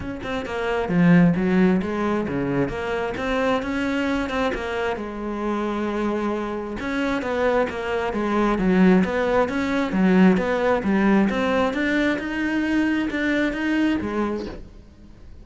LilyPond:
\new Staff \with { instrumentName = "cello" } { \time 4/4 \tempo 4 = 133 cis'8 c'8 ais4 f4 fis4 | gis4 cis4 ais4 c'4 | cis'4. c'8 ais4 gis4~ | gis2. cis'4 |
b4 ais4 gis4 fis4 | b4 cis'4 fis4 b4 | g4 c'4 d'4 dis'4~ | dis'4 d'4 dis'4 gis4 | }